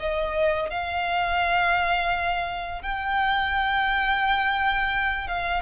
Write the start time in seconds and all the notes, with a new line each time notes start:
0.00 D#5
0.71 F5
2.83 G5
5.28 F5